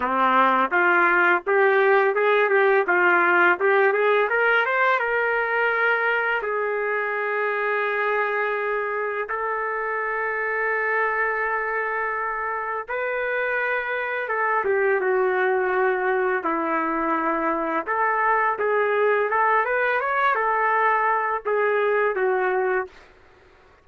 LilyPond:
\new Staff \with { instrumentName = "trumpet" } { \time 4/4 \tempo 4 = 84 c'4 f'4 g'4 gis'8 g'8 | f'4 g'8 gis'8 ais'8 c''8 ais'4~ | ais'4 gis'2.~ | gis'4 a'2.~ |
a'2 b'2 | a'8 g'8 fis'2 e'4~ | e'4 a'4 gis'4 a'8 b'8 | cis''8 a'4. gis'4 fis'4 | }